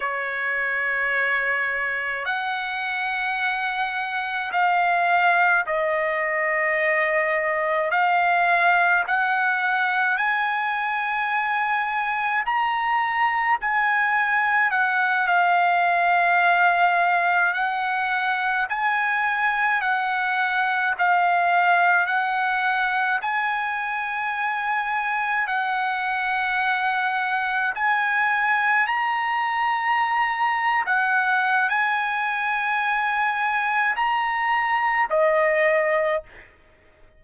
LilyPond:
\new Staff \with { instrumentName = "trumpet" } { \time 4/4 \tempo 4 = 53 cis''2 fis''2 | f''4 dis''2 f''4 | fis''4 gis''2 ais''4 | gis''4 fis''8 f''2 fis''8~ |
fis''8 gis''4 fis''4 f''4 fis''8~ | fis''8 gis''2 fis''4.~ | fis''8 gis''4 ais''4.~ ais''16 fis''8. | gis''2 ais''4 dis''4 | }